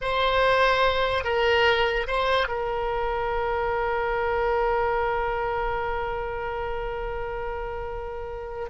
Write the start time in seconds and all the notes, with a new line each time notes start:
0.01 C5
1.24 A#4
2.07 C5
2.48 A#4